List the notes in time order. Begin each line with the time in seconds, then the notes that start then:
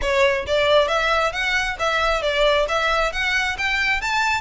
0.01 C#5
0.46 D5
0.87 E5
1.32 F#5
1.79 E5
2.22 D5
2.68 E5
3.12 F#5
3.58 G5
4.01 A5